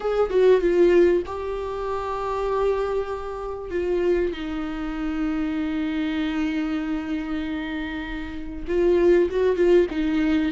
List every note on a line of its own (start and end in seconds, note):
0.00 0.30 G#4
0.30 0.60 F#4
0.60 1.22 F4
1.25 3.70 G4
3.70 4.32 F4
4.32 8.65 D#4
8.67 9.29 F4
9.30 9.55 F#4
9.55 9.86 F4
9.90 10.52 D#4